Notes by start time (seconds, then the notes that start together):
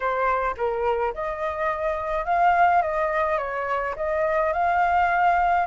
0.00 C5
0.57 A#4
1.13 D#5
2.25 F5
2.81 D#5
3.38 C#5
3.96 D#5
4.53 F5